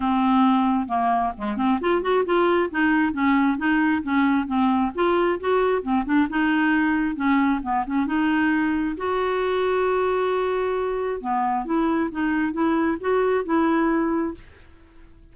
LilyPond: \new Staff \with { instrumentName = "clarinet" } { \time 4/4 \tempo 4 = 134 c'2 ais4 gis8 c'8 | f'8 fis'8 f'4 dis'4 cis'4 | dis'4 cis'4 c'4 f'4 | fis'4 c'8 d'8 dis'2 |
cis'4 b8 cis'8 dis'2 | fis'1~ | fis'4 b4 e'4 dis'4 | e'4 fis'4 e'2 | }